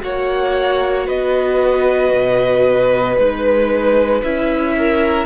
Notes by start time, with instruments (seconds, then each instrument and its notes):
0.00 cello A#3, viola F#4, violin C#5 F#5
1.07 cello B3, violin B4 D#5
2.14 cello B2
3.16 cello G#3, viola D#4, violin B4
4.23 cello C#4, viola E4, violin E5
4.78 violin A#4